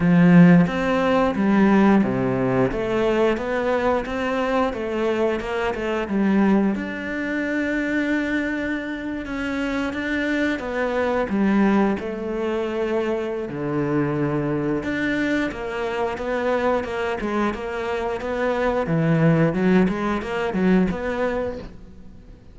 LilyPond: \new Staff \with { instrumentName = "cello" } { \time 4/4 \tempo 4 = 89 f4 c'4 g4 c4 | a4 b4 c'4 a4 | ais8 a8 g4 d'2~ | d'4.~ d'16 cis'4 d'4 b16~ |
b8. g4 a2~ a16 | d2 d'4 ais4 | b4 ais8 gis8 ais4 b4 | e4 fis8 gis8 ais8 fis8 b4 | }